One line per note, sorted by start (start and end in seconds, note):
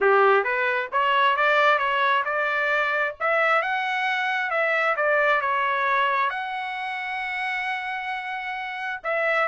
0.00 0.44 G4
0.44 0.89 B4
0.92 1.36 C#5
1.36 1.78 D5
1.78 2.23 C#5
2.24 3.15 D5
3.19 3.62 E5
3.62 4.50 F#5
4.50 4.95 E5
4.96 5.41 D5
5.41 6.30 C#5
6.30 9.00 F#5
9.03 9.48 E5